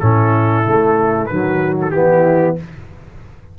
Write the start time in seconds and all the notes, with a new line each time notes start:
0.00 A2 C#4 E4 A4
0.66 C#3 A3
1.26 D#3 F#3 F#4 B4
1.82 A4
1.91 E3 B3 E4 G4